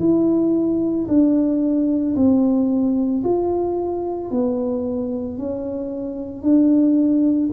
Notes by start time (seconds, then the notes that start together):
0.00 E4
1.09 D4
2.16 C4
3.24 F4
4.31 B3
5.38 C#4
6.43 D4